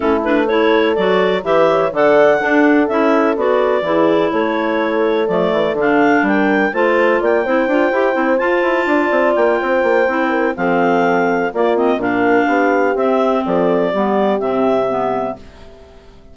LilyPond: <<
  \new Staff \with { instrumentName = "clarinet" } { \time 4/4 \tempo 4 = 125 a'8 b'8 cis''4 d''4 e''4 | fis''2 e''4 d''4~ | d''4 cis''2 d''4 | f''4 g''4 a''4 g''4~ |
g''4. a''2 g''8~ | g''2 f''2 | d''8 dis''8 f''2 e''4 | d''2 e''2 | }
  \new Staff \with { instrumentName = "horn" } { \time 4/4 e'4 a'2 b'8 cis''8 | d''4 a'2. | gis'4 a'2.~ | a'4 ais'4 c''4 d''8 c''8~ |
c''2~ c''8 d''4. | c''4. ais'8 a'2 | f'4 ais'4 g'2 | a'4 g'2. | }
  \new Staff \with { instrumentName = "clarinet" } { \time 4/4 cis'8 d'8 e'4 fis'4 g'4 | a'4 d'4 e'4 fis'4 | e'2. a4 | d'2 f'4. e'8 |
f'8 g'8 e'8 f'2~ f'8~ | f'4 e'4 c'2 | ais8 c'8 d'2 c'4~ | c'4 b4 c'4 b4 | }
  \new Staff \with { instrumentName = "bassoon" } { \time 4/4 a2 fis4 e4 | d4 d'4 cis'4 b4 | e4 a2 f8 e8 | d4 g4 a4 ais8 c'8 |
d'8 e'8 c'8 f'8 e'8 d'8 c'8 ais8 | c'8 ais8 c'4 f2 | ais4 ais,4 b4 c'4 | f4 g4 c2 | }
>>